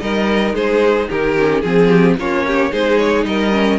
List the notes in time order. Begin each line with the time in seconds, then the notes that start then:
0.00 G3 D#4 A#4 D#5
0.54 G#3 G#4 C5
1.09 D#3 G4 A#4
1.38 C#4
1.61 F3 C4 G#4
1.89 G4
2.18 A#3 C#4 F4 C#5
2.47 G4
2.71 G#3 D#4 G#4 C5
2.98 C#5
3.25 G3 A#4 D#5
3.52 C#4